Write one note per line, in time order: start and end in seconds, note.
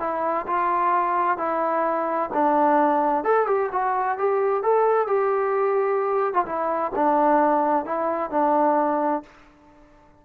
0.00 0.46 E4
0.47 1.38 F4
1.38 2.30 E4
2.33 3.24 D4
3.24 3.47 A4
3.47 3.70 G4
3.72 4.18 F#4
4.18 4.63 G4
4.63 5.07 A4
5.07 6.34 G4
6.34 6.45 F4
6.46 6.92 E4
6.95 7.85 D4
7.85 8.31 E4
8.31 9.23 D4